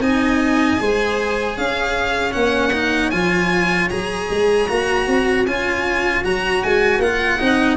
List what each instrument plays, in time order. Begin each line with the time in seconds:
0.00 tuba C4, cello D#4, viola D#5, violin G#5
0.78 tuba G#3, cello G#4, viola C5
1.56 tuba C#4, viola C#5, violin F5
2.32 tuba A#3, cello C#4, violin F#5
2.73 cello D#4
3.11 tuba F3, cello F4, violin G#5
3.90 tuba F#3, cello G#4, violin A#5
4.31 tuba G#3
4.69 tuba A#3, cello F#4
5.07 tuba C4
5.46 tuba C#4, cello F4, violin G#5
6.24 tuba F#3, cello F#4, violin A#5
6.64 tuba G#3, violin G#5
6.99 tuba A#3, cello F4, violin F#5
7.39 tuba C4, cello D#4
7.46 viola D#5